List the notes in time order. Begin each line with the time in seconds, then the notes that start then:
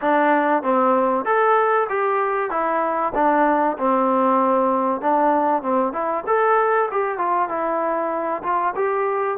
0.01 D4
0.62 C4
1.25 A4
1.89 G4
2.50 E4
3.14 D4
3.78 C4
5.01 D4
5.62 C4
5.92 E4
6.26 A4
6.91 G4
7.18 F4
7.48 E4
8.42 F4
8.75 G4